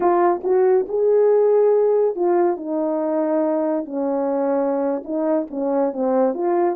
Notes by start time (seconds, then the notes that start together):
0.00 F4
0.43 F#4
0.88 G#4
2.15 F4
2.56 D#4
3.85 C#4
5.04 D#4
5.50 C#4
5.93 C4
6.34 F4